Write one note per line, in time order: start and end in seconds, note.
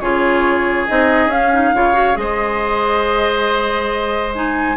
0.00 0.88 C#3
0.00 0.88 F4
0.00 1.75 G#4
0.00 0.87 C#5
0.88 1.27 C4
0.88 1.30 D#4
0.88 1.31 D#5
1.27 1.70 C#4
1.27 1.52 C#4
1.27 2.17 F5
1.53 1.75 D#4
1.74 2.17 C#3
1.74 1.93 F4
1.74 2.19 C#5
1.93 2.14 F#4
2.14 4.77 G#3
2.14 4.32 G#4
2.14 4.77 C5
2.14 4.34 D#5
4.35 4.77 D#4
4.35 4.77 G#5